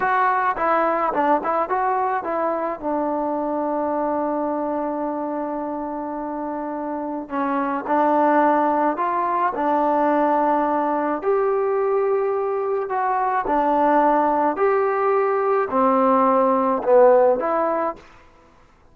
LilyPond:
\new Staff \with { instrumentName = "trombone" } { \time 4/4 \tempo 4 = 107 fis'4 e'4 d'8 e'8 fis'4 | e'4 d'2.~ | d'1~ | d'4 cis'4 d'2 |
f'4 d'2. | g'2. fis'4 | d'2 g'2 | c'2 b4 e'4 | }